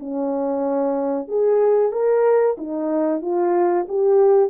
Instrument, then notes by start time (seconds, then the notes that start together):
horn
0.00 C#4
1.28 G#4
1.93 A#4
2.58 D#4
3.22 F4
3.89 G4